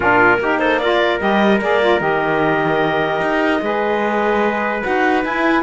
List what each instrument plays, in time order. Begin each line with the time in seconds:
0.00 cello A#2, saxophone D4, trumpet F4, clarinet A#4
0.39 cello A#3, saxophone D#4, trumpet G4
0.59 trumpet A4, clarinet C5
0.79 saxophone F4, trumpet A#4, clarinet D5
1.18 cello G3, saxophone G4, clarinet D#5
1.61 cello A#3, saxophone G#4, clarinet D5
1.80 saxophone F4
1.99 cello D#3, saxophone G4, clarinet D#5
3.20 cello D#4
3.61 cello G#3, saxophone G#4, trumpet B4
4.83 cello D#4, saxophone F#4, clarinet F#5
5.23 saxophone E4, cello E4, clarinet G#5